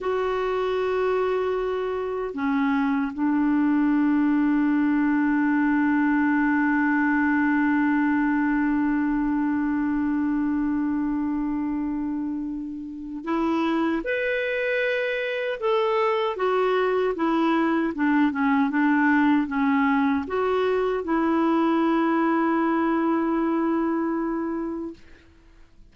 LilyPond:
\new Staff \with { instrumentName = "clarinet" } { \time 4/4 \tempo 4 = 77 fis'2. cis'4 | d'1~ | d'1~ | d'1~ |
d'4 e'4 b'2 | a'4 fis'4 e'4 d'8 cis'8 | d'4 cis'4 fis'4 e'4~ | e'1 | }